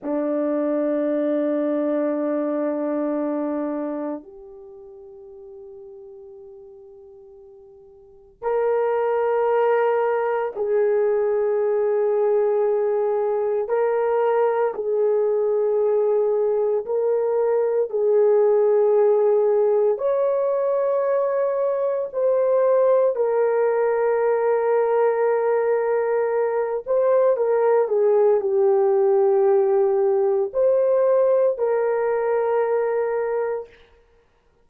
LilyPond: \new Staff \with { instrumentName = "horn" } { \time 4/4 \tempo 4 = 57 d'1 | g'1 | ais'2 gis'2~ | gis'4 ais'4 gis'2 |
ais'4 gis'2 cis''4~ | cis''4 c''4 ais'2~ | ais'4. c''8 ais'8 gis'8 g'4~ | g'4 c''4 ais'2 | }